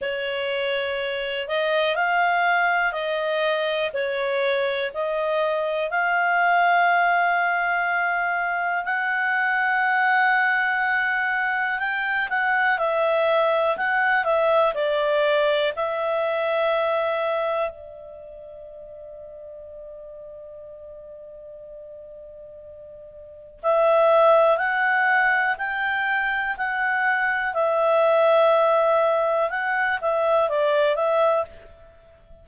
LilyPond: \new Staff \with { instrumentName = "clarinet" } { \time 4/4 \tempo 4 = 61 cis''4. dis''8 f''4 dis''4 | cis''4 dis''4 f''2~ | f''4 fis''2. | g''8 fis''8 e''4 fis''8 e''8 d''4 |
e''2 d''2~ | d''1 | e''4 fis''4 g''4 fis''4 | e''2 fis''8 e''8 d''8 e''8 | }